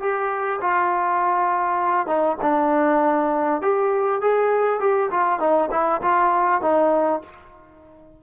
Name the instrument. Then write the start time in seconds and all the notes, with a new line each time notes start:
trombone
0.00 G4
0.61 F4
2.07 D#4
2.42 D4
3.62 G4
4.21 G#4
4.80 G4
5.11 F4
5.39 D#4
5.71 E4
6.02 F4
6.62 D#4